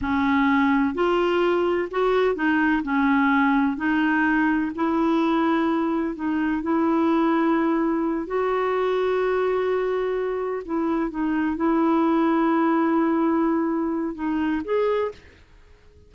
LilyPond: \new Staff \with { instrumentName = "clarinet" } { \time 4/4 \tempo 4 = 127 cis'2 f'2 | fis'4 dis'4 cis'2 | dis'2 e'2~ | e'4 dis'4 e'2~ |
e'4. fis'2~ fis'8~ | fis'2~ fis'8 e'4 dis'8~ | dis'8 e'2.~ e'8~ | e'2 dis'4 gis'4 | }